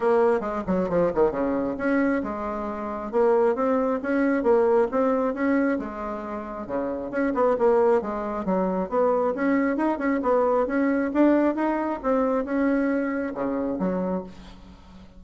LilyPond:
\new Staff \with { instrumentName = "bassoon" } { \time 4/4 \tempo 4 = 135 ais4 gis8 fis8 f8 dis8 cis4 | cis'4 gis2 ais4 | c'4 cis'4 ais4 c'4 | cis'4 gis2 cis4 |
cis'8 b8 ais4 gis4 fis4 | b4 cis'4 dis'8 cis'8 b4 | cis'4 d'4 dis'4 c'4 | cis'2 cis4 fis4 | }